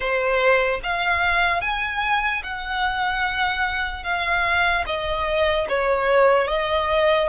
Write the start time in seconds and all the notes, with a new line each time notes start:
0.00 C5
0.83 F5
1.61 G#5
2.43 F#5
4.03 F5
4.86 D#5
5.69 C#5
6.47 D#5